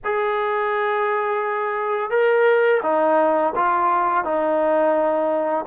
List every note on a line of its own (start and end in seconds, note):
0.04 2.10 G#4
2.10 2.80 A#4
2.82 3.53 D#4
3.55 4.24 F4
4.24 5.65 D#4